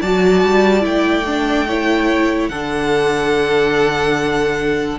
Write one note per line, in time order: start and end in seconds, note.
0.00 0.43 F#3
0.00 0.80 F#4
0.00 1.67 D5
0.00 0.84 A5
0.43 0.84 G3
0.80 2.48 A3
0.80 1.22 E4
0.80 2.48 G5
1.26 1.68 D4
1.67 2.51 E4
1.67 2.50 C#5
2.48 4.98 D3
2.48 4.99 D4
2.48 4.99 A4
2.48 4.98 F#5